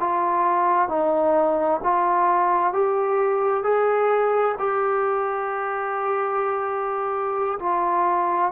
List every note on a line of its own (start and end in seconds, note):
0.00 0.89 F4
0.89 1.81 D#4
1.84 2.74 F4
2.74 3.64 G4
3.64 4.56 G#4
4.59 7.59 G4
7.60 8.52 F4